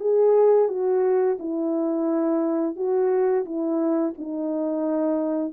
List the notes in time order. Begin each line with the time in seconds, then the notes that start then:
0.00 G#4
0.68 F#4
1.39 E4
2.76 F#4
3.45 E4
4.18 D#4